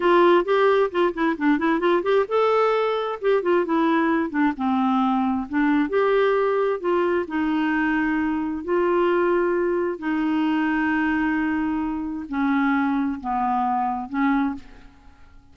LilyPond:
\new Staff \with { instrumentName = "clarinet" } { \time 4/4 \tempo 4 = 132 f'4 g'4 f'8 e'8 d'8 e'8 | f'8 g'8 a'2 g'8 f'8 | e'4. d'8 c'2 | d'4 g'2 f'4 |
dis'2. f'4~ | f'2 dis'2~ | dis'2. cis'4~ | cis'4 b2 cis'4 | }